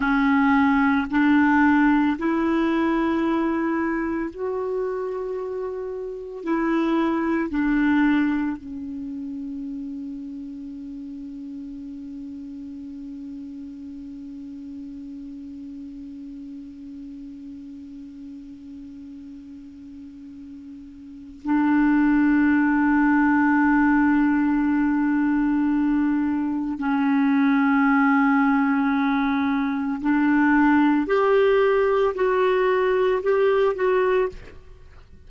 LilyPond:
\new Staff \with { instrumentName = "clarinet" } { \time 4/4 \tempo 4 = 56 cis'4 d'4 e'2 | fis'2 e'4 d'4 | cis'1~ | cis'1~ |
cis'1 | d'1~ | d'4 cis'2. | d'4 g'4 fis'4 g'8 fis'8 | }